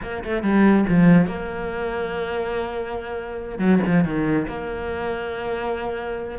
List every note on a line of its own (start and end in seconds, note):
0.02 0.23 A#3
0.23 0.42 A3
0.42 0.85 G3
0.89 1.26 F3
1.26 3.58 A#3
3.58 3.79 F#3
3.86 4.04 F3
4.04 4.46 D#3
4.48 6.38 A#3